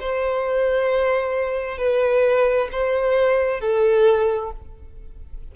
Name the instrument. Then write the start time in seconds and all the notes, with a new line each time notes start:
violin
0.00 C5
1.77 B4
2.71 C5
3.60 A4